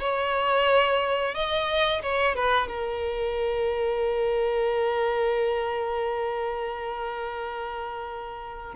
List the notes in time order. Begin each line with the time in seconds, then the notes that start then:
0.00 C#5
1.34 D#5
2.02 C#5
2.35 B4
2.68 A#4